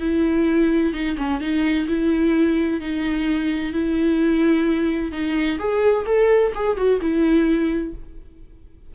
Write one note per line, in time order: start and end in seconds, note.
0.00 0.93 E4
0.93 1.16 D#4
1.17 1.40 C#4
1.40 1.87 D#4
1.88 2.80 E4
2.80 3.73 D#4
3.73 5.12 E4
5.12 5.58 D#4
5.59 6.05 G#4
6.06 6.52 A4
6.55 6.77 G#4
6.77 7.00 F#4
7.01 7.94 E4